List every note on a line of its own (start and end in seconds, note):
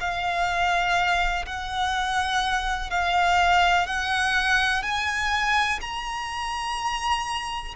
0.00 1.45 F5
1.45 2.90 F#5
2.90 3.86 F5
3.86 4.82 F#5
4.82 5.79 G#5
5.81 7.74 A#5